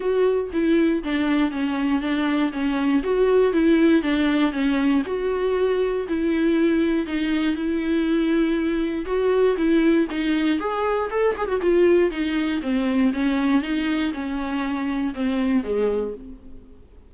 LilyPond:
\new Staff \with { instrumentName = "viola" } { \time 4/4 \tempo 4 = 119 fis'4 e'4 d'4 cis'4 | d'4 cis'4 fis'4 e'4 | d'4 cis'4 fis'2 | e'2 dis'4 e'4~ |
e'2 fis'4 e'4 | dis'4 gis'4 a'8 gis'16 fis'16 f'4 | dis'4 c'4 cis'4 dis'4 | cis'2 c'4 gis4 | }